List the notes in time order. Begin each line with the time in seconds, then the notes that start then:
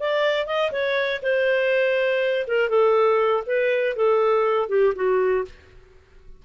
0.00 D5
0.47 D#5
0.72 C#5
1.23 C5
2.47 A#4
2.70 A4
3.47 B4
3.96 A4
4.69 G4
4.96 F#4